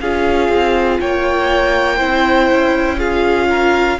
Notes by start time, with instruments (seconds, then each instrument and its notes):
0.00 cello C#4, viola F4, violin G#4 F5
0.48 cello C4
1.00 cello A#3, violin C#5 G5
1.96 cello C4, viola E4, violin C5
2.52 cello C#4
2.98 viola F4, violin G#4 F5
3.49 violin A#4